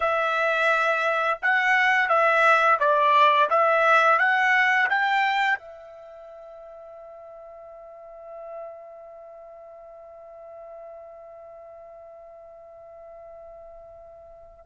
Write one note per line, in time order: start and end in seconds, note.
0.00 1.38 E5
1.41 2.08 F#5
2.08 2.78 E5
2.79 3.49 D5
3.49 4.19 E5
4.19 4.88 F#5
4.89 5.58 G5
5.58 14.65 E5